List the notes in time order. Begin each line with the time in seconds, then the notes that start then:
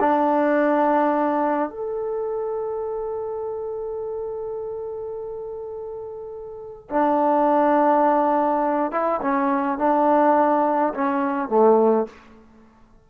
0.00 D4
1.70 A4
6.90 D4
8.92 E4
9.22 C#4
9.78 D4
10.94 C#4
11.49 A3